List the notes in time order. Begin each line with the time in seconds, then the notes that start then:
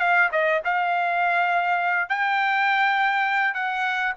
0.00 F5
0.32 D#5
0.65 F5
2.09 G5
3.54 F#5